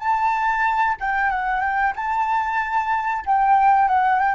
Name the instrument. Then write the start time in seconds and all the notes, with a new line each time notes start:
flute
0.00 A5
1.01 G5
1.30 F#5
1.61 G5
1.96 A5
3.26 G5
3.89 F#5
4.20 G5